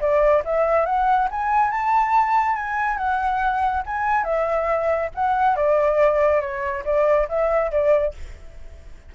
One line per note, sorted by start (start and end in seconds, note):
0.00 0.43 D5
0.45 0.86 E5
0.86 1.29 F#5
1.31 1.71 G#5
1.71 2.56 A5
2.56 2.97 G#5
2.97 3.83 F#5
3.86 4.24 G#5
4.24 5.10 E5
5.15 5.56 F#5
5.56 6.41 D5
6.41 6.84 C#5
6.85 7.28 D5
7.29 7.71 E5
7.71 8.14 D5